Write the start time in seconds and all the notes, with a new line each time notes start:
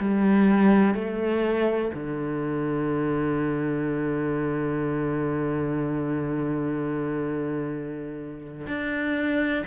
0.00 G3
0.95 A3
1.94 D3
8.67 D4